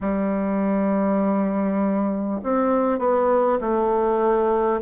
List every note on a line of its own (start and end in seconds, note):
0.00 2.40 G3
2.43 2.98 C4
2.98 3.58 B3
3.61 4.81 A3